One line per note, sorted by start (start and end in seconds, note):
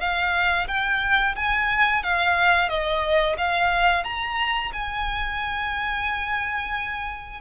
0.00 0.67 F5
0.68 1.35 G5
1.36 2.03 G#5
2.03 2.69 F5
2.69 3.36 D#5
3.38 4.04 F5
4.04 4.71 A#5
4.73 7.41 G#5